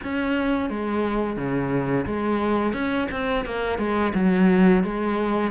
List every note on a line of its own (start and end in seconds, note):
0.03 0.69 C#4
0.69 1.36 G#3
1.36 2.05 C#3
2.06 2.73 G#3
2.73 3.08 C#4
3.11 3.45 C4
3.45 3.78 A#3
3.78 4.13 G#3
4.14 4.83 F#3
4.83 5.51 G#3